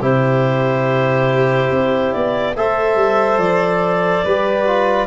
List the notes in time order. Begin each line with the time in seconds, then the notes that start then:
0.00 C3 E4 G4 C5
1.70 C4
2.12 B3 D5
2.56 A3 A4 C5 E5
2.95 G3
3.38 F3 D5
4.24 G3 G4 B4
4.67 F4